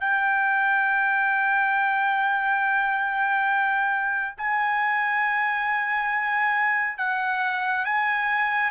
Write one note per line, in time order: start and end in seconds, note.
0.00 4.35 G5
4.37 6.98 G#5
6.98 7.85 F#5
7.85 8.71 G#5